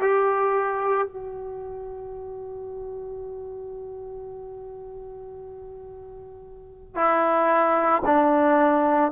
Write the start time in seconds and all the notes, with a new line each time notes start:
0.00 G4
1.07 F#4
6.95 E4
8.05 D4